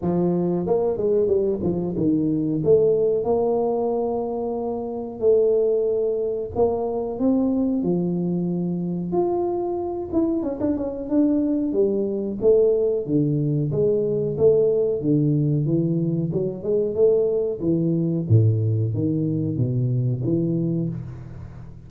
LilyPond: \new Staff \with { instrumentName = "tuba" } { \time 4/4 \tempo 4 = 92 f4 ais8 gis8 g8 f8 dis4 | a4 ais2. | a2 ais4 c'4 | f2 f'4. e'8 |
cis'16 d'16 cis'8 d'4 g4 a4 | d4 gis4 a4 d4 | e4 fis8 gis8 a4 e4 | a,4 dis4 b,4 e4 | }